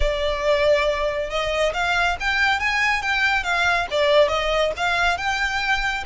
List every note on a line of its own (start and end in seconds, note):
0.00 1.29 D5
1.29 1.73 D#5
1.73 2.16 F5
2.20 2.59 G5
2.59 3.02 G#5
3.02 3.43 G5
3.43 3.86 F5
3.90 4.28 D5
4.28 4.71 D#5
4.76 5.17 F5
5.17 6.03 G5